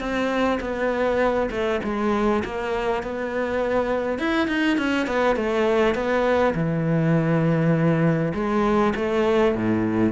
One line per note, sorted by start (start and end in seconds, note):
0.00 0.59 C4
0.61 1.50 B3
1.51 1.81 A3
1.84 2.43 G#3
2.45 3.03 A#3
3.03 4.19 B3
4.19 4.48 E4
4.48 4.77 D#4
4.78 5.07 C#4
5.07 5.36 B3
5.36 5.95 A3
5.95 6.54 B3
6.55 8.33 E3
8.34 8.94 G#3
8.96 9.55 A3
9.55 10.12 A2